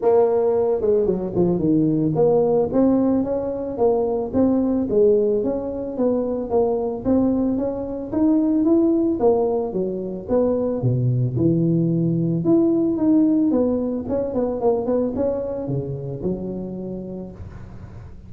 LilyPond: \new Staff \with { instrumentName = "tuba" } { \time 4/4 \tempo 4 = 111 ais4. gis8 fis8 f8 dis4 | ais4 c'4 cis'4 ais4 | c'4 gis4 cis'4 b4 | ais4 c'4 cis'4 dis'4 |
e'4 ais4 fis4 b4 | b,4 e2 e'4 | dis'4 b4 cis'8 b8 ais8 b8 | cis'4 cis4 fis2 | }